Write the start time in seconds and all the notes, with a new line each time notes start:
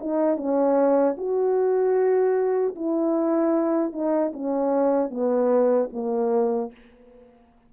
0.00 D#4
0.37 C#4
1.17 F#4
2.75 E4
3.92 D#4
4.33 C#4
5.10 B3
5.93 A#3